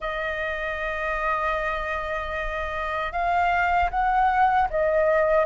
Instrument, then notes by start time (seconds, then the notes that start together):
flute
0.00 D#5
3.12 F5
3.90 F#5
4.70 D#5